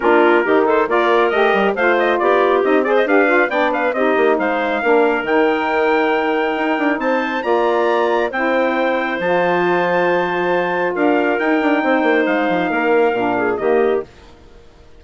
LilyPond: <<
  \new Staff \with { instrumentName = "trumpet" } { \time 4/4 \tempo 4 = 137 ais'4. c''8 d''4 dis''4 | f''8 dis''8 d''4 dis''8 d''16 dis''16 f''4 | g''8 f''8 dis''4 f''2 | g''1 |
a''4 ais''2 g''4~ | g''4 a''2.~ | a''4 f''4 g''2 | f''2. dis''4 | }
  \new Staff \with { instrumentName = "clarinet" } { \time 4/4 f'4 g'8 a'8 ais'2 | c''4 g'4. c''8 b'4 | d''8 b'8 g'4 c''4 ais'4~ | ais'1 |
c''4 d''2 c''4~ | c''1~ | c''4 ais'2 c''4~ | c''4 ais'4. gis'8 g'4 | }
  \new Staff \with { instrumentName = "saxophone" } { \time 4/4 d'4 dis'4 f'4 g'4 | f'2 dis'8 gis'8 g'8 f'8 | d'4 dis'2 d'4 | dis'1~ |
dis'4 f'2 e'4~ | e'4 f'2.~ | f'2 dis'2~ | dis'2 d'4 ais4 | }
  \new Staff \with { instrumentName = "bassoon" } { \time 4/4 ais4 dis4 ais4 a8 g8 | a4 b4 c'4 d'4 | b4 c'8 ais8 gis4 ais4 | dis2. dis'8 d'8 |
c'4 ais2 c'4~ | c'4 f2.~ | f4 d'4 dis'8 d'8 c'8 ais8 | gis8 f8 ais4 ais,4 dis4 | }
>>